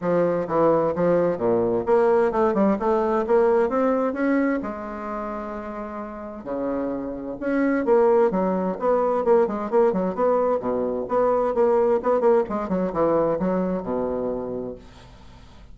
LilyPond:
\new Staff \with { instrumentName = "bassoon" } { \time 4/4 \tempo 4 = 130 f4 e4 f4 ais,4 | ais4 a8 g8 a4 ais4 | c'4 cis'4 gis2~ | gis2 cis2 |
cis'4 ais4 fis4 b4 | ais8 gis8 ais8 fis8 b4 b,4 | b4 ais4 b8 ais8 gis8 fis8 | e4 fis4 b,2 | }